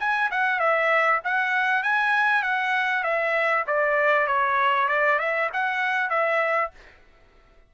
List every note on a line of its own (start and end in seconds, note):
0.00 0.31 G#5
0.31 0.60 F#5
0.60 1.21 E5
1.25 1.83 F#5
1.83 2.43 G#5
2.43 3.04 F#5
3.04 3.65 E5
3.67 4.27 D5
4.27 4.88 C#5
4.89 5.19 D5
5.19 5.50 E5
5.53 6.10 F#5
6.10 6.71 E5